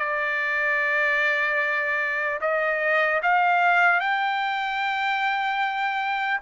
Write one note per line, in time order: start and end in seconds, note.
0.00 2.40 D5
2.41 3.21 D#5
3.23 4.00 F5
4.00 6.40 G5